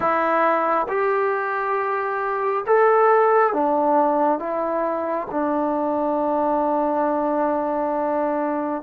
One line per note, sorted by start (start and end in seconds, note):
0.00 0.86 E4
0.88 2.65 G4
2.66 3.53 A4
3.53 4.39 D4
4.39 5.27 E4
5.31 8.82 D4